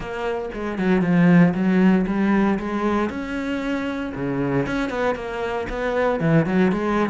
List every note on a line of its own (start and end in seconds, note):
0.00 0.49 A#3
0.53 0.78 G#3
0.78 1.01 F#3
1.01 1.53 F3
1.54 2.05 F#3
2.07 2.58 G3
2.59 3.09 G#3
3.09 4.12 C#4
4.14 4.66 C#3
4.66 4.89 C#4
4.89 5.15 B3
5.15 5.67 A#3
5.69 6.20 B3
6.20 6.46 E3
6.46 6.71 F#3
6.71 7.09 G#3